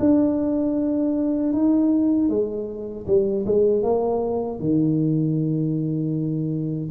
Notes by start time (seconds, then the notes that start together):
0.00 D4
1.53 D#4
2.30 G#3
3.07 G3
3.47 G#3
3.83 A#3
4.60 D#3